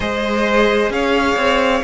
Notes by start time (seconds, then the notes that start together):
0.00 G#3 G#4 C5 D#5
0.89 C#4 C#5 F5
1.36 C4